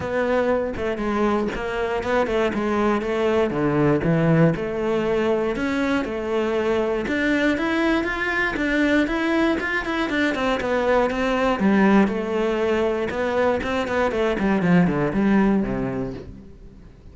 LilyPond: \new Staff \with { instrumentName = "cello" } { \time 4/4 \tempo 4 = 119 b4. a8 gis4 ais4 | b8 a8 gis4 a4 d4 | e4 a2 cis'4 | a2 d'4 e'4 |
f'4 d'4 e'4 f'8 e'8 | d'8 c'8 b4 c'4 g4 | a2 b4 c'8 b8 | a8 g8 f8 d8 g4 c4 | }